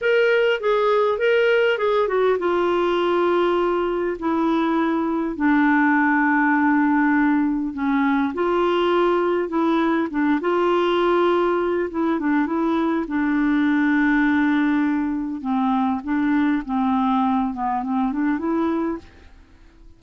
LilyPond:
\new Staff \with { instrumentName = "clarinet" } { \time 4/4 \tempo 4 = 101 ais'4 gis'4 ais'4 gis'8 fis'8 | f'2. e'4~ | e'4 d'2.~ | d'4 cis'4 f'2 |
e'4 d'8 f'2~ f'8 | e'8 d'8 e'4 d'2~ | d'2 c'4 d'4 | c'4. b8 c'8 d'8 e'4 | }